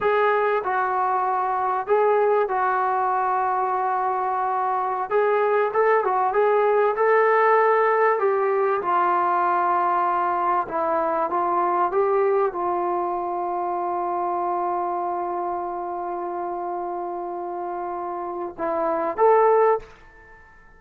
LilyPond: \new Staff \with { instrumentName = "trombone" } { \time 4/4 \tempo 4 = 97 gis'4 fis'2 gis'4 | fis'1~ | fis'16 gis'4 a'8 fis'8 gis'4 a'8.~ | a'4~ a'16 g'4 f'4.~ f'16~ |
f'4~ f'16 e'4 f'4 g'8.~ | g'16 f'2.~ f'8.~ | f'1~ | f'2 e'4 a'4 | }